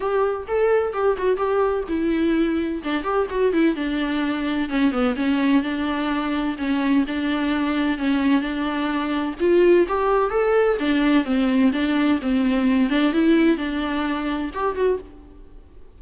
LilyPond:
\new Staff \with { instrumentName = "viola" } { \time 4/4 \tempo 4 = 128 g'4 a'4 g'8 fis'8 g'4 | e'2 d'8 g'8 fis'8 e'8 | d'2 cis'8 b8 cis'4 | d'2 cis'4 d'4~ |
d'4 cis'4 d'2 | f'4 g'4 a'4 d'4 | c'4 d'4 c'4. d'8 | e'4 d'2 g'8 fis'8 | }